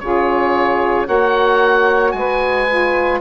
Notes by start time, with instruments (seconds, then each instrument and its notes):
0.00 bassoon C#3, saxophone F4 G#4, oboe C#5
1.06 bassoon A#3, saxophone F#4 C#5, oboe F#5
2.11 bassoon G#3, oboe G#5
2.18 saxophone B4
2.69 saxophone F4